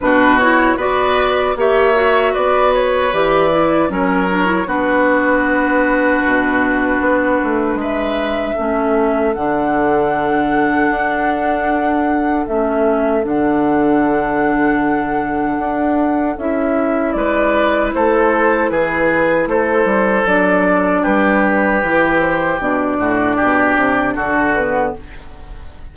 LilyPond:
<<
  \new Staff \with { instrumentName = "flute" } { \time 4/4 \tempo 4 = 77 b'8 cis''8 d''4 e''4 d''8 cis''8 | d''4 cis''4 b'2~ | b'2 e''2 | fis''1 |
e''4 fis''2.~ | fis''4 e''4 d''4 c''4 | b'4 c''4 d''4 b'4~ | b'8 c''8 d''2 a'8 b'8 | }
  \new Staff \with { instrumentName = "oboe" } { \time 4/4 fis'4 b'4 cis''4 b'4~ | b'4 ais'4 fis'2~ | fis'2 b'4 a'4~ | a'1~ |
a'1~ | a'2 b'4 a'4 | gis'4 a'2 g'4~ | g'4. fis'8 g'4 fis'4 | }
  \new Staff \with { instrumentName = "clarinet" } { \time 4/4 d'8 e'8 fis'4 g'8 fis'4. | g'8 e'8 cis'8 d'16 e'16 d'2~ | d'2. cis'4 | d'1 |
cis'4 d'2.~ | d'4 e'2.~ | e'2 d'2 | e'4 d'2~ d'8 b8 | }
  \new Staff \with { instrumentName = "bassoon" } { \time 4/4 b,4 b4 ais4 b4 | e4 fis4 b2 | b,4 b8 a8 gis4 a4 | d2 d'2 |
a4 d2. | d'4 cis'4 gis4 a4 | e4 a8 g8 fis4 g4 | e4 b,8 a,8 b,8 c8 d4 | }
>>